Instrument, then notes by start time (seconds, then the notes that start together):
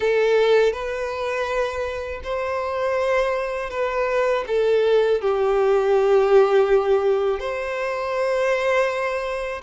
violin
0.00 A4
0.72 B4
2.23 C5
3.70 B4
4.47 A4
5.21 G4
7.39 C5